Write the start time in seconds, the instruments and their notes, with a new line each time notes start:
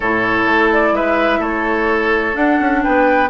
0.00 bassoon A2, clarinet E4, oboe A4, flute C#5
0.45 bassoon A3
0.72 flute D5
0.92 bassoon G#3, oboe B4, flute E5
1.39 bassoon A3, oboe A4, flute C#5
2.33 clarinet D4, bassoon D4, flute F#5
2.60 bassoon C#4
2.83 bassoon B3, oboe B4, flute G5